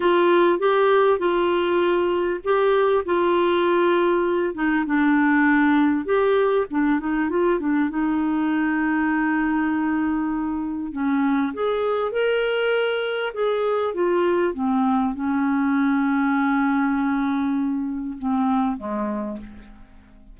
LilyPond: \new Staff \with { instrumentName = "clarinet" } { \time 4/4 \tempo 4 = 99 f'4 g'4 f'2 | g'4 f'2~ f'8 dis'8 | d'2 g'4 d'8 dis'8 | f'8 d'8 dis'2.~ |
dis'2 cis'4 gis'4 | ais'2 gis'4 f'4 | c'4 cis'2.~ | cis'2 c'4 gis4 | }